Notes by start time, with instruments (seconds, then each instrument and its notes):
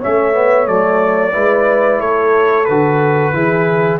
0.00 tuba A3, trombone C#4, horn C#5, trumpet E5
0.33 trombone B3
0.66 tuba F#3, trombone A3, trumpet D5
1.33 tuba G#3, trombone E4, horn B4
2.01 tuba A3, horn A4, trumpet C#5
2.65 tuba D3, trombone F#4, trumpet B4
3.34 tuba E3, trombone E4, horn G#4